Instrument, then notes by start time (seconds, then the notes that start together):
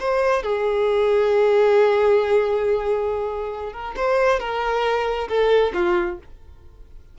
violin
0.00 C5
0.43 G#4
3.73 A#4
3.96 C5
4.40 A#4
5.29 A4
5.74 F4